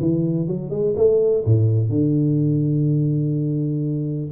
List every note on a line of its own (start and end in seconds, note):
0.00 0.47 E3
0.47 0.70 F#3
0.70 0.94 G#3
0.96 1.44 A3
1.45 1.89 A2
1.89 4.31 D3